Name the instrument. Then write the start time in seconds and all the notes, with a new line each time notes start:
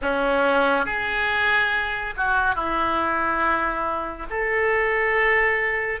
oboe
0.01 C#4
0.85 G#4
2.16 F#4
2.55 E4
4.29 A4